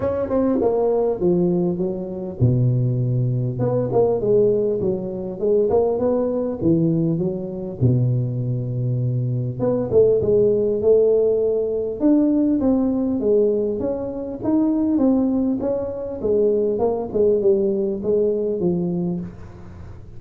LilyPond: \new Staff \with { instrumentName = "tuba" } { \time 4/4 \tempo 4 = 100 cis'8 c'8 ais4 f4 fis4 | b,2 b8 ais8 gis4 | fis4 gis8 ais8 b4 e4 | fis4 b,2. |
b8 a8 gis4 a2 | d'4 c'4 gis4 cis'4 | dis'4 c'4 cis'4 gis4 | ais8 gis8 g4 gis4 f4 | }